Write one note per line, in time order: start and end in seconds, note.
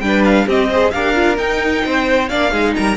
0.00 0.46 G3
0.00 0.48 D4
0.00 0.46 B4
0.00 0.23 G5
0.25 0.47 F5
0.46 0.92 C4
0.46 0.71 C4
0.46 0.69 G4
0.46 0.91 D#5
0.69 0.94 G#4
0.69 0.92 C5
0.91 1.38 D4
0.91 1.15 G4
0.91 1.85 A#4
0.91 1.36 F5
1.15 1.36 F4
1.36 2.27 D#4
1.36 1.83 D#4
1.36 2.29 G5
1.85 2.31 C4
1.85 2.29 C5
2.29 2.52 A#3
2.29 2.51 D4
2.29 2.51 D5
2.29 2.74 F5
2.51 2.75 G#3
2.51 2.97 D#4
2.51 2.74 G#4
2.76 2.97 G3
2.76 2.97 A#4
2.76 2.97 A#5